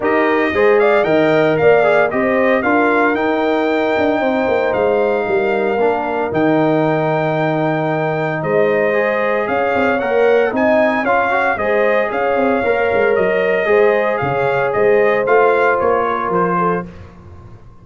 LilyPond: <<
  \new Staff \with { instrumentName = "trumpet" } { \time 4/4 \tempo 4 = 114 dis''4. f''8 g''4 f''4 | dis''4 f''4 g''2~ | g''4 f''2. | g''1 |
dis''2 f''4 fis''4 | gis''4 f''4 dis''4 f''4~ | f''4 dis''2 f''4 | dis''4 f''4 cis''4 c''4 | }
  \new Staff \with { instrumentName = "horn" } { \time 4/4 ais'4 c''8 d''8 dis''4 d''4 | c''4 ais'2. | c''2 ais'2~ | ais'1 |
c''2 cis''2 | dis''4 cis''4 c''4 cis''4~ | cis''2 c''4 cis''4 | c''2~ c''8 ais'4 a'8 | }
  \new Staff \with { instrumentName = "trombone" } { \time 4/4 g'4 gis'4 ais'4. gis'8 | g'4 f'4 dis'2~ | dis'2. d'4 | dis'1~ |
dis'4 gis'2 ais'4 | dis'4 f'8 fis'8 gis'2 | ais'2 gis'2~ | gis'4 f'2. | }
  \new Staff \with { instrumentName = "tuba" } { \time 4/4 dis'4 gis4 dis4 ais4 | c'4 d'4 dis'4. d'8 | c'8 ais8 gis4 g4 ais4 | dis1 |
gis2 cis'8 c'8 ais4 | c'4 cis'4 gis4 cis'8 c'8 | ais8 gis8 fis4 gis4 cis4 | gis4 a4 ais4 f4 | }
>>